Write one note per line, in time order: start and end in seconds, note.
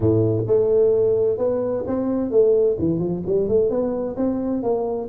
0.00 0.44 A2
0.47 1.38 A3
1.38 1.84 B3
1.87 2.30 C4
2.30 2.77 A3
2.78 2.99 E3
2.99 3.22 F3
3.26 3.48 G3
3.48 3.69 A3
3.69 4.16 B3
4.16 4.62 C4
4.62 5.09 A#3